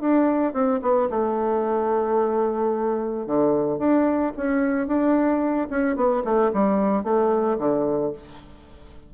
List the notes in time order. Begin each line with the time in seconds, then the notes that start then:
0.00 D4
0.53 C4
0.82 B3
1.10 A3
3.26 D3
3.78 D4
4.37 C#4
4.87 D4
5.70 C#4
5.96 B3
6.24 A3
6.53 G3
7.03 A3
7.58 D3